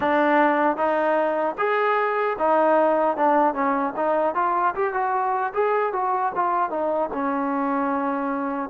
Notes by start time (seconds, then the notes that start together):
0.00 D4
0.76 D#4
1.58 G#4
2.39 D#4
3.17 D4
3.54 C#4
3.96 D#4
4.34 F4
4.74 G4
4.93 F#4
5.53 G#4
5.92 F#4
6.35 F4
6.70 D#4
7.13 C#4